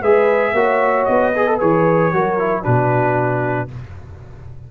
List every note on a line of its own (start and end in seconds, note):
0.00 0.53 G#3
0.00 0.55 G#4
0.00 0.53 B4
0.00 1.05 E5
0.53 1.06 A#3
0.53 1.34 F#4
0.53 1.33 C#5
1.05 1.61 B3
1.05 1.57 D#5
1.36 1.46 G#4
1.36 2.14 B4
1.46 1.60 A4
1.60 2.13 E3
1.60 2.12 G#4
1.60 2.63 C#5
2.12 2.65 F#3
2.12 2.39 F#4
2.12 2.61 A#4
2.39 2.62 E4
2.61 3.71 B2
2.61 3.68 D4
2.61 3.67 F#4
2.61 3.69 B4